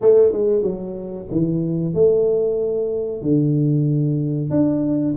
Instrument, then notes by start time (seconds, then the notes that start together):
tuba
0.01 A3
0.32 G#3
0.62 F#3
1.31 E3
1.94 A3
3.21 D3
4.50 D4